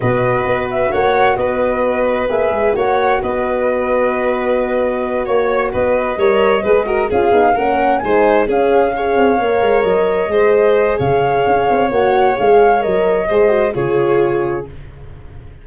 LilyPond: <<
  \new Staff \with { instrumentName = "flute" } { \time 4/4 \tempo 4 = 131 dis''4. e''8 fis''4 dis''4~ | dis''4 e''4 fis''4 dis''4~ | dis''2.~ dis''8 cis''8~ | cis''8 dis''2. f''8~ |
f''8 fis''4 gis''4 f''4.~ | f''4. dis''2~ dis''8 | f''2 fis''4 f''4 | dis''2 cis''2 | }
  \new Staff \with { instrumentName = "violin" } { \time 4/4 b'2 cis''4 b'4~ | b'2 cis''4 b'4~ | b'2.~ b'8 cis''8~ | cis''8 b'4 cis''4 b'8 ais'8 gis'8~ |
gis'8 ais'4 c''4 gis'4 cis''8~ | cis''2~ cis''8 c''4. | cis''1~ | cis''4 c''4 gis'2 | }
  \new Staff \with { instrumentName = "horn" } { \time 4/4 fis'1~ | fis'4 gis'4 fis'2~ | fis'1~ | fis'4. ais'4 gis'8 fis'8 f'8 |
dis'8 cis'4 dis'4 cis'4 gis'8~ | gis'8 ais'2 gis'4.~ | gis'2 fis'4 gis'4 | ais'4 gis'8 fis'8 f'2 | }
  \new Staff \with { instrumentName = "tuba" } { \time 4/4 b,4 b4 ais4 b4~ | b4 ais8 gis8 ais4 b4~ | b2.~ b8 ais8~ | ais8 b4 g4 gis4 cis'8 |
b8 ais4 gis4 cis'4. | c'8 ais8 gis8 fis4 gis4. | cis4 cis'8 c'8 ais4 gis4 | fis4 gis4 cis2 | }
>>